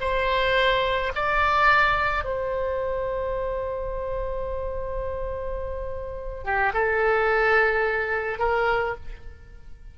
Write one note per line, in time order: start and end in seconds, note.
0.00 1.12 C5
1.15 2.24 D5
2.24 6.44 C5
6.44 6.72 G4
6.73 8.39 A4
8.39 8.95 A#4